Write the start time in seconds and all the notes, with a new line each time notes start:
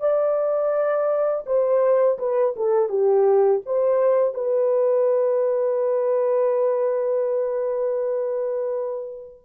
0.00 D5
1.46 C5
2.19 B4
2.56 A4
2.89 G4
3.66 C5
4.34 B4